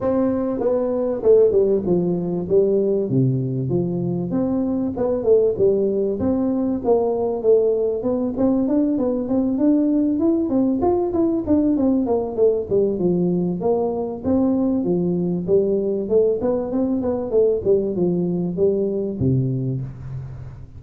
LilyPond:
\new Staff \with { instrumentName = "tuba" } { \time 4/4 \tempo 4 = 97 c'4 b4 a8 g8 f4 | g4 c4 f4 c'4 | b8 a8 g4 c'4 ais4 | a4 b8 c'8 d'8 b8 c'8 d'8~ |
d'8 e'8 c'8 f'8 e'8 d'8 c'8 ais8 | a8 g8 f4 ais4 c'4 | f4 g4 a8 b8 c'8 b8 | a8 g8 f4 g4 c4 | }